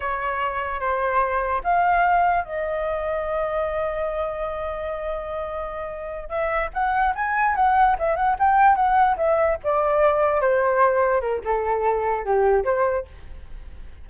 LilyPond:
\new Staff \with { instrumentName = "flute" } { \time 4/4 \tempo 4 = 147 cis''2 c''2 | f''2 dis''2~ | dis''1~ | dis''2.~ dis''8 e''8~ |
e''8 fis''4 gis''4 fis''4 e''8 | fis''8 g''4 fis''4 e''4 d''8~ | d''4. c''2 ais'8 | a'2 g'4 c''4 | }